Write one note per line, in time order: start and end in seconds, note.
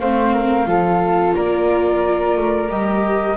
0.00 0.66 A3
0.00 0.66 C4
0.00 0.33 C5
0.00 1.35 F5
0.33 0.67 A#4
0.66 1.34 F3
0.66 2.68 F4
0.66 1.35 A4
1.35 2.37 A#3
1.35 3.37 A#4
1.35 2.70 D5
2.37 2.70 A3
2.69 3.37 G3
2.69 3.36 G4
2.69 3.37 D#5